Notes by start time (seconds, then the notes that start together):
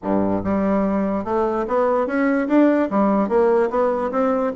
0.02 G2
0.44 G3
1.24 A3
1.67 B3
2.06 C#4
2.48 D4
2.90 G3
3.28 A#3
3.69 B3
4.11 C4